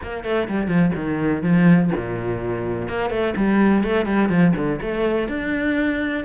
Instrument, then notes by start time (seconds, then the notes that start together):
cello
0.02 A#3
0.24 A3
0.48 G3
0.67 F3
0.95 D#3
1.42 F3
1.97 A#2
2.88 A#3
3.10 A3
3.36 G3
3.83 A3
4.05 G3
4.29 F3
4.56 D3
4.81 A3
5.28 D4